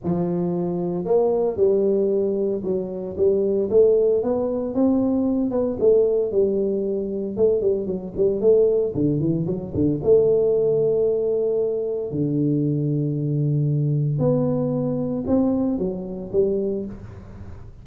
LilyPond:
\new Staff \with { instrumentName = "tuba" } { \time 4/4 \tempo 4 = 114 f2 ais4 g4~ | g4 fis4 g4 a4 | b4 c'4. b8 a4 | g2 a8 g8 fis8 g8 |
a4 d8 e8 fis8 d8 a4~ | a2. d4~ | d2. b4~ | b4 c'4 fis4 g4 | }